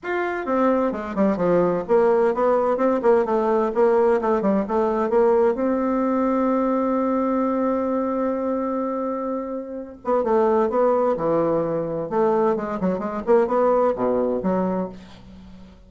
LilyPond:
\new Staff \with { instrumentName = "bassoon" } { \time 4/4 \tempo 4 = 129 f'4 c'4 gis8 g8 f4 | ais4 b4 c'8 ais8 a4 | ais4 a8 g8 a4 ais4 | c'1~ |
c'1~ | c'4. b8 a4 b4 | e2 a4 gis8 fis8 | gis8 ais8 b4 b,4 fis4 | }